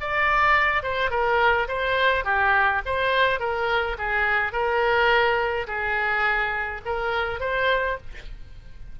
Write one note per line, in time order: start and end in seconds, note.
0.00 0.82 D5
0.82 1.10 C5
1.10 1.67 A#4
1.68 2.24 C5
2.24 2.81 G4
2.85 3.39 C5
3.39 3.97 A#4
3.98 4.52 G#4
4.52 5.66 A#4
5.67 6.81 G#4
6.85 7.40 A#4
7.40 7.97 C5